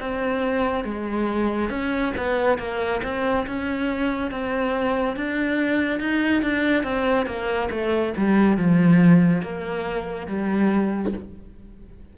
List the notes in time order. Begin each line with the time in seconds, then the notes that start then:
0.00 C4
0.84 G#3
1.69 C#4
2.17 B3
2.58 A#3
3.03 C4
3.47 C#4
4.31 C4
5.16 D4
6.00 D#4
6.42 D4
6.84 C4
7.26 A#3
7.71 A3
8.17 G3
8.57 F3
9.42 A#3
10.27 G3